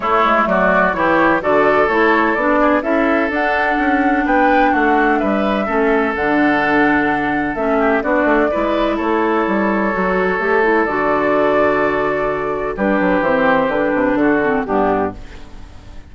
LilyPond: <<
  \new Staff \with { instrumentName = "flute" } { \time 4/4 \tempo 4 = 127 cis''4 d''4 cis''4 d''4 | cis''4 d''4 e''4 fis''4~ | fis''4 g''4 fis''4 e''4~ | e''4 fis''2. |
e''4 d''2 cis''4~ | cis''2. d''4~ | d''2. b'4 | c''4 b'4 a'4 g'4 | }
  \new Staff \with { instrumentName = "oboe" } { \time 4/4 e'4 fis'4 g'4 a'4~ | a'4. gis'8 a'2~ | a'4 b'4 fis'4 b'4 | a'1~ |
a'8 g'8 fis'4 b'4 a'4~ | a'1~ | a'2. g'4~ | g'2 fis'4 d'4 | }
  \new Staff \with { instrumentName = "clarinet" } { \time 4/4 a2 e'4 fis'4 | e'4 d'4 e'4 d'4~ | d'1 | cis'4 d'2. |
cis'4 d'4 e'2~ | e'4 fis'4 g'8 e'8 fis'4~ | fis'2. d'4 | c'4 d'4. c'8 b4 | }
  \new Staff \with { instrumentName = "bassoon" } { \time 4/4 a8 gis8 fis4 e4 d4 | a4 b4 cis'4 d'4 | cis'4 b4 a4 g4 | a4 d2. |
a4 b8 a8 gis4 a4 | g4 fis4 a4 d4~ | d2. g8 fis8 | e4 d8 c8 d4 g,4 | }
>>